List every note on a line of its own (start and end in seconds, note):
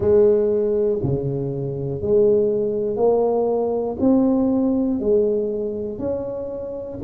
0.00 1.00 G#3
1.03 2.01 C#3
2.01 2.96 G#3
2.96 3.96 A#3
4.00 5.00 C4
5.00 5.99 G#3
5.99 6.99 C#4